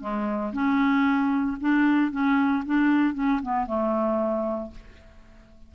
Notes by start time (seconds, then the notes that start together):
0.00 G#3
0.52 C#4
1.60 D4
2.11 C#4
2.66 D4
3.14 C#4
3.42 B3
3.66 A3